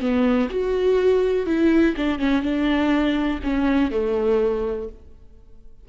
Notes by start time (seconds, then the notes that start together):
0.00 B3
0.49 F#4
1.46 E4
1.96 D4
2.18 C#4
2.42 D4
3.43 C#4
3.91 A3